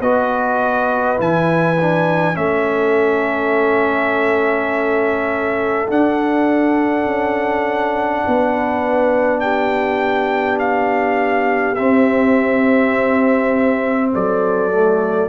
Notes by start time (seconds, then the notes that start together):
0.00 B3 F#4 B4 D#5
1.17 E3 E4 G#5
1.81 D4
2.34 A3 C#4 A4 E5
5.88 D4 F#5
7.06 C#4
8.26 B3 B4
9.40 G4 G5
10.59 F5
11.75 C4 E5
14.13 F#3 A4 D5
14.72 A3